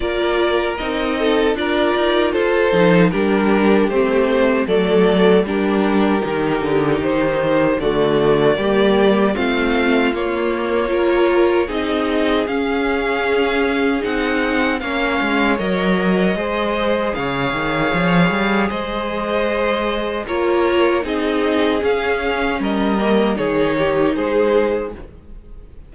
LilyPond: <<
  \new Staff \with { instrumentName = "violin" } { \time 4/4 \tempo 4 = 77 d''4 dis''4 d''4 c''4 | ais'4 c''4 d''4 ais'4~ | ais'4 c''4 d''2 | f''4 cis''2 dis''4 |
f''2 fis''4 f''4 | dis''2 f''2 | dis''2 cis''4 dis''4 | f''4 dis''4 cis''4 c''4 | }
  \new Staff \with { instrumentName = "violin" } { \time 4/4 ais'4. a'8 ais'4 a'4 | g'2 a'4 g'4~ | g'2 fis'4 g'4 | f'2 ais'4 gis'4~ |
gis'2. cis''4~ | cis''4 c''4 cis''2 | c''2 ais'4 gis'4~ | gis'4 ais'4 gis'8 g'8 gis'4 | }
  \new Staff \with { instrumentName = "viola" } { \time 4/4 f'4 dis'4 f'4. dis'8 | d'4 c'4 a4 d'4 | dis'2 a4 ais4 | c'4 ais4 f'4 dis'4 |
cis'2 dis'4 cis'4 | ais'4 gis'2.~ | gis'2 f'4 dis'4 | cis'4. ais8 dis'2 | }
  \new Staff \with { instrumentName = "cello" } { \time 4/4 ais4 c'4 d'8 dis'8 f'8 f8 | g4 a4 fis4 g4 | dis8 d8 dis4 d4 g4 | a4 ais2 c'4 |
cis'2 c'4 ais8 gis8 | fis4 gis4 cis8 dis8 f8 g8 | gis2 ais4 c'4 | cis'4 g4 dis4 gis4 | }
>>